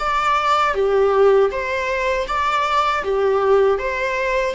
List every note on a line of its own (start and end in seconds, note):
0.00 0.75 D5
0.75 1.51 G4
1.52 2.28 C5
2.28 3.04 D5
3.04 3.79 G4
3.79 4.55 C5